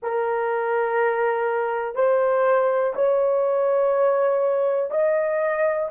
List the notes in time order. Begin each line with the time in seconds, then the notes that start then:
0.02 A#4
1.95 C5
2.95 C#5
4.90 D#5